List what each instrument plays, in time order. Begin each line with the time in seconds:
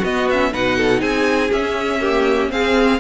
0.00 cello B3, viola B3, violin F#4 D#5
0.30 viola C#4, violin E5
0.52 cello B2, viola D#4, violin B4 F#5
0.78 violin A4
1.01 cello C4, violin G#4 G#5
1.50 viola C#4, cello C#4, violin E5
2.01 viola A#3, violin G4
2.49 viola C4, cello C4, violin G#4 F5